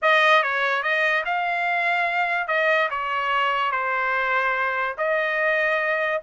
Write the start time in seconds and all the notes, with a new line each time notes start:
0.02 D#5
0.43 C#5
0.82 D#5
1.25 F5
2.47 D#5
2.90 C#5
3.71 C5
4.97 D#5